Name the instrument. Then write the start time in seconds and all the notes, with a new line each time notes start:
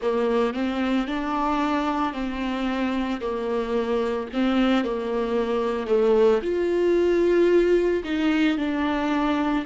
viola
0.02 A#3
0.54 C4
1.07 D4
2.13 C4
3.20 A#3
4.33 C4
4.84 A#3
5.86 A3
6.42 F4
8.04 D#4
8.57 D4